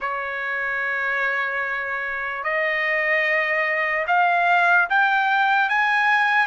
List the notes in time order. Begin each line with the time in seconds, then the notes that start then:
0.00 C#5
2.43 D#5
4.07 F5
4.89 G5
5.69 G#5